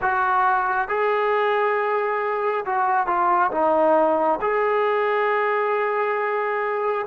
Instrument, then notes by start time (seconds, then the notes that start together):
trombone
0.01 F#4
0.88 G#4
2.65 F#4
3.06 F4
3.51 D#4
4.41 G#4